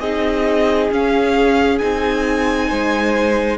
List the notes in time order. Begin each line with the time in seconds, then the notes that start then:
0.00 C4 D#4 G#4 D#5
0.91 C#4 F5
1.79 C4 D#4 G#5
2.68 G#3 C5